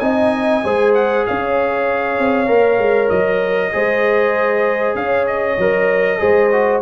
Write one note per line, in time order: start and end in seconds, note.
0.00 0.64 C4
0.00 0.63 D#4
0.00 0.65 D#5
0.00 0.93 G#5
0.65 1.27 G#3
0.65 2.47 G#4
0.65 1.27 C5
0.95 1.26 F#5
1.27 2.19 C#4
1.27 3.74 C#5
1.27 3.10 F5
2.19 2.49 C4
2.47 2.79 A#3
2.47 3.71 A#4
2.79 3.10 G#3
3.10 3.73 F#3
3.10 4.95 D#5
3.72 4.95 G#3
3.72 5.58 G#4
3.72 4.98 C5
4.95 5.57 C#4
4.95 6.21 C#5
4.95 5.27 F5
5.27 6.82 D#5
5.58 6.20 F#3
5.58 6.19 A#4
6.19 6.82 G#3
6.19 6.50 G#4
6.19 6.82 C5
6.52 6.82 F#4